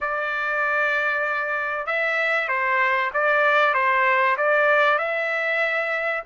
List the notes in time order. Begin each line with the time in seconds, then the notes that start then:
0.01 D5
1.86 E5
2.48 C5
3.13 D5
3.74 C5
4.37 D5
4.98 E5